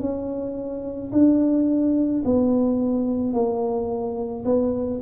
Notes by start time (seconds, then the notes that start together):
0.00 C#4
1.12 D4
2.25 B3
3.33 A#3
4.45 B3